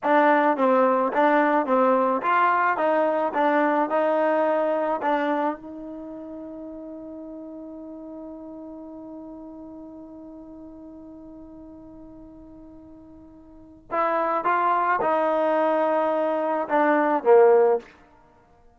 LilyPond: \new Staff \with { instrumentName = "trombone" } { \time 4/4 \tempo 4 = 108 d'4 c'4 d'4 c'4 | f'4 dis'4 d'4 dis'4~ | dis'4 d'4 dis'2~ | dis'1~ |
dis'1~ | dis'1~ | dis'4 e'4 f'4 dis'4~ | dis'2 d'4 ais4 | }